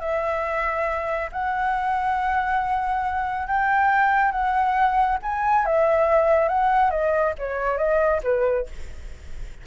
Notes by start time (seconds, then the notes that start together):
0.00 E5
1.32 F#5
3.47 G5
4.32 F#5
5.22 G#5
5.66 E5
6.48 F#5
6.90 D#5
7.38 C#5
7.77 D#5
8.23 B4